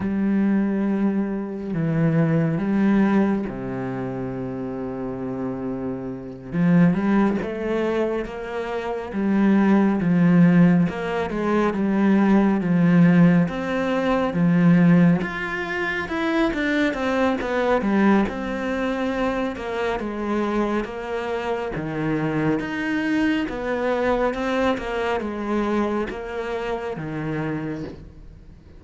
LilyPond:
\new Staff \with { instrumentName = "cello" } { \time 4/4 \tempo 4 = 69 g2 e4 g4 | c2.~ c8 f8 | g8 a4 ais4 g4 f8~ | f8 ais8 gis8 g4 f4 c'8~ |
c'8 f4 f'4 e'8 d'8 c'8 | b8 g8 c'4. ais8 gis4 | ais4 dis4 dis'4 b4 | c'8 ais8 gis4 ais4 dis4 | }